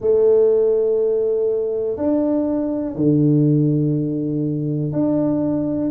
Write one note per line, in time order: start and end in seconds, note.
0.00 1.97 A3
1.97 2.95 D4
2.95 4.92 D3
4.92 5.90 D4